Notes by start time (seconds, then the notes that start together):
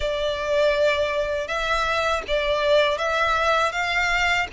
0.00 D5
1.47 E5
2.27 D5
2.98 E5
3.72 F5